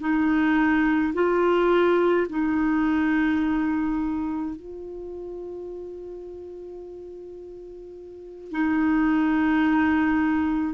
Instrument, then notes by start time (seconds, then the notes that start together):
clarinet
0.00 D#4
1.14 F4
2.29 D#4
4.55 F4
8.51 D#4